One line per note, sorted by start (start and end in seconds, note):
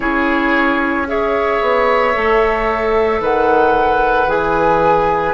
0.00 1.60 C#4
0.00 1.07 E4
0.00 1.07 G#4
0.00 1.07 C#5
1.07 2.13 G#4
1.07 3.21 C#5
1.07 3.22 E5
1.61 2.14 B3
2.13 3.20 A3
2.13 4.27 A4
3.20 4.26 D#3
3.20 5.33 B4
3.20 4.29 F#5
4.26 5.33 E3
4.26 5.33 G#4
4.26 5.33 G#5